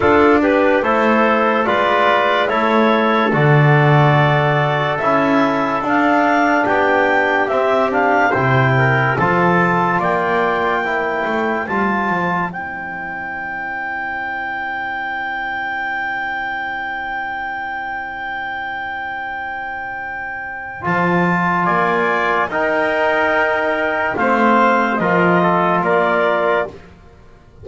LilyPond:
<<
  \new Staff \with { instrumentName = "clarinet" } { \time 4/4 \tempo 4 = 72 a'8 b'8 c''4 d''4 cis''4 | d''2 e''4 f''4 | g''4 e''8 f''8 g''4 a''4 | g''2 a''4 g''4~ |
g''1~ | g''1~ | g''4 a''4 gis''4 g''4~ | g''4 f''4 dis''4 d''4 | }
  \new Staff \with { instrumentName = "trumpet" } { \time 4/4 f'8 g'8 a'4 b'4 a'4~ | a'1 | g'2 c''8 ais'8 a'4 | d''4 c''2.~ |
c''1~ | c''1~ | c''2 d''4 ais'4~ | ais'4 c''4 ais'8 a'8 ais'4 | }
  \new Staff \with { instrumentName = "trombone" } { \time 4/4 d'4 e'4 f'4 e'4 | fis'2 e'4 d'4~ | d'4 c'8 d'8 e'4 f'4~ | f'4 e'4 f'4 e'4~ |
e'1~ | e'1~ | e'4 f'2 dis'4~ | dis'4 c'4 f'2 | }
  \new Staff \with { instrumentName = "double bass" } { \time 4/4 d'4 a4 gis4 a4 | d2 cis'4 d'4 | b4 c'4 c4 f4 | ais4. a8 g8 f8 c'4~ |
c'1~ | c'1~ | c'4 f4 ais4 dis'4~ | dis'4 a4 f4 ais4 | }
>>